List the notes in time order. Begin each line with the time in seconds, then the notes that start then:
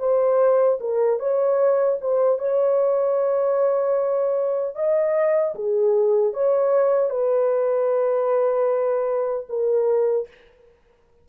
0.00 C5
0.81 A#4
1.20 C#5
2.01 C5
2.39 C#5
4.76 D#5
5.56 G#4
6.34 C#5
7.10 B4
9.49 A#4